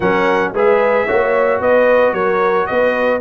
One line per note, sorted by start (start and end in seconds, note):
0.00 0.53 F#3
0.00 0.54 C#4
0.00 0.52 A#4
0.00 0.53 F#5
0.53 1.06 G#3
0.53 1.07 G#4
0.53 1.06 B4
0.53 1.61 E5
1.06 1.60 A#3
1.06 3.20 F#4
1.06 1.60 C#5
1.60 2.12 B3
1.60 2.14 B4
1.60 2.13 D#5
2.12 2.66 F#3
2.12 2.67 A#4
2.12 2.66 C#5
2.66 3.20 B3
2.66 3.20 B4
2.66 3.20 D#5